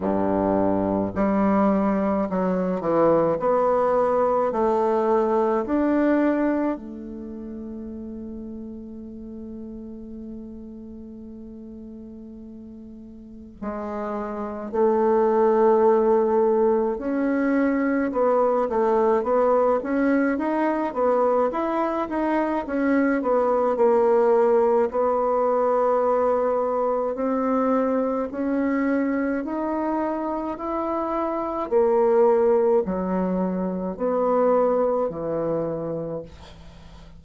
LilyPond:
\new Staff \with { instrumentName = "bassoon" } { \time 4/4 \tempo 4 = 53 g,4 g4 fis8 e8 b4 | a4 d'4 a2~ | a1 | gis4 a2 cis'4 |
b8 a8 b8 cis'8 dis'8 b8 e'8 dis'8 | cis'8 b8 ais4 b2 | c'4 cis'4 dis'4 e'4 | ais4 fis4 b4 e4 | }